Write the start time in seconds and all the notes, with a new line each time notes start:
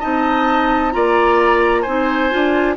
0.00 C4 D#4 D#5 A5
0.92 A#3 F4 D5 A#5
1.82 C4 D#4 C5 G#5
2.30 D4 F4